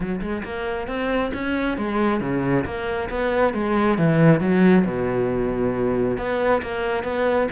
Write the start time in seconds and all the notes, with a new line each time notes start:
0.00 F#3
0.21 G#3
0.44 A#3
0.87 C4
1.33 C#4
1.77 G#3
2.20 C#3
2.65 A#3
3.09 B3
3.53 G#3
3.97 E3
4.40 F#3
4.85 B2
6.17 B3
6.62 A#3
7.03 B3